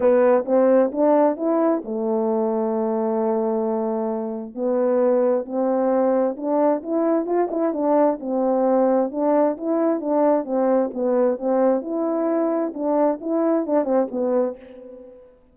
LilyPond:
\new Staff \with { instrumentName = "horn" } { \time 4/4 \tempo 4 = 132 b4 c'4 d'4 e'4 | a1~ | a2 b2 | c'2 d'4 e'4 |
f'8 e'8 d'4 c'2 | d'4 e'4 d'4 c'4 | b4 c'4 e'2 | d'4 e'4 d'8 c'8 b4 | }